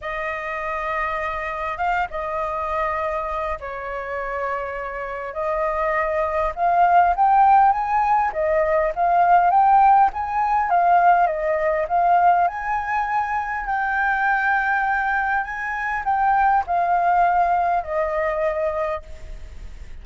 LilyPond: \new Staff \with { instrumentName = "flute" } { \time 4/4 \tempo 4 = 101 dis''2. f''8 dis''8~ | dis''2 cis''2~ | cis''4 dis''2 f''4 | g''4 gis''4 dis''4 f''4 |
g''4 gis''4 f''4 dis''4 | f''4 gis''2 g''4~ | g''2 gis''4 g''4 | f''2 dis''2 | }